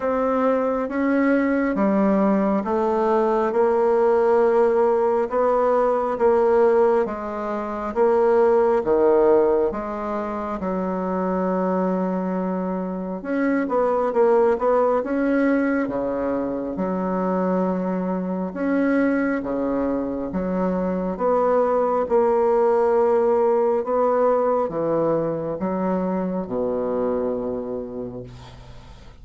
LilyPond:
\new Staff \with { instrumentName = "bassoon" } { \time 4/4 \tempo 4 = 68 c'4 cis'4 g4 a4 | ais2 b4 ais4 | gis4 ais4 dis4 gis4 | fis2. cis'8 b8 |
ais8 b8 cis'4 cis4 fis4~ | fis4 cis'4 cis4 fis4 | b4 ais2 b4 | e4 fis4 b,2 | }